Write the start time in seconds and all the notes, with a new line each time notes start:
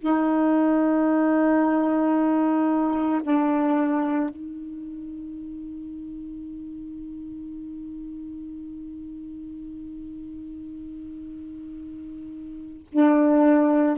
0.00 D#4
3.22 D4
4.29 D#4
12.92 D4